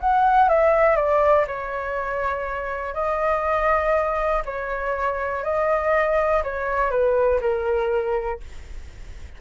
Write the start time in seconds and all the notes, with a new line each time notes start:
0.00 F#5
0.49 E5
0.96 D5
1.47 C#5
2.94 D#5
4.45 C#5
5.44 D#5
6.44 C#5
6.90 B4
7.41 A#4